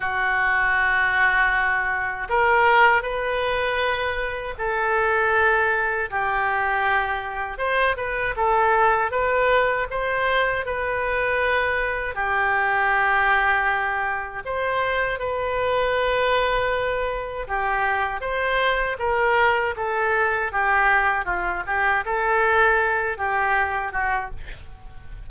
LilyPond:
\new Staff \with { instrumentName = "oboe" } { \time 4/4 \tempo 4 = 79 fis'2. ais'4 | b'2 a'2 | g'2 c''8 b'8 a'4 | b'4 c''4 b'2 |
g'2. c''4 | b'2. g'4 | c''4 ais'4 a'4 g'4 | f'8 g'8 a'4. g'4 fis'8 | }